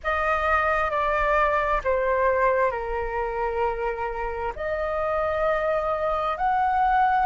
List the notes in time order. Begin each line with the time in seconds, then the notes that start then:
0.03 D#5
0.90 D5
1.84 C5
2.71 A#4
4.55 D#5
6.37 F#5